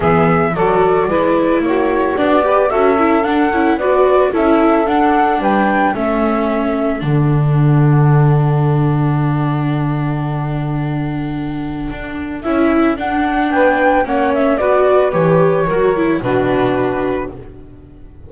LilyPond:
<<
  \new Staff \with { instrumentName = "flute" } { \time 4/4 \tempo 4 = 111 e''4 d''2 cis''4 | d''4 e''4 fis''4 d''4 | e''4 fis''4 g''4 e''4~ | e''4 fis''2.~ |
fis''1~ | fis''2. e''4 | fis''4 g''4 fis''8 e''8 d''4 | cis''2 b'2 | }
  \new Staff \with { instrumentName = "saxophone" } { \time 4/4 gis'4 a'4 b'4 fis'4~ | fis'8 b'8 a'2 b'4 | a'2 b'4 a'4~ | a'1~ |
a'1~ | a'1~ | a'4 b'4 cis''4 b'4~ | b'4 ais'4 fis'2 | }
  \new Staff \with { instrumentName = "viola" } { \time 4/4 b4 fis'4 e'2 | d'8 g'8 fis'8 e'8 d'8 e'8 fis'4 | e'4 d'2 cis'4~ | cis'4 d'2.~ |
d'1~ | d'2. e'4 | d'2 cis'4 fis'4 | g'4 fis'8 e'8 d'2 | }
  \new Staff \with { instrumentName = "double bass" } { \time 4/4 e4 fis4 gis4 ais4 | b4 cis'4 d'8 cis'8 b4 | cis'4 d'4 g4 a4~ | a4 d2.~ |
d1~ | d2 d'4 cis'4 | d'4 b4 ais4 b4 | e4 fis4 b,2 | }
>>